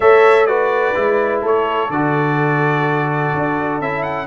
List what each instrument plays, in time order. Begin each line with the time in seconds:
0.00 tuba A3, trombone A4, horn C#5, trumpet E5
0.46 trombone F#4, horn B4, trumpet D5
0.94 tuba G#3, trombone E4
1.42 tuba A3, horn A4, trumpet C#5
1.90 tuba D3, trombone F#4, trumpet D5
3.33 tuba D4
3.80 tuba C#4, trombone E4, trumpet E5
4.02 trumpet F#5